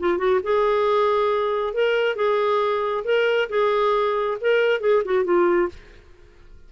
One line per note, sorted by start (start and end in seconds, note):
0.00 0.18 F4
0.18 0.40 F#4
0.44 1.74 G#4
1.74 2.16 A#4
2.16 3.04 G#4
3.05 3.49 A#4
3.50 4.38 G#4
4.41 4.81 A#4
4.81 5.03 G#4
5.05 5.25 F#4
5.25 5.69 F4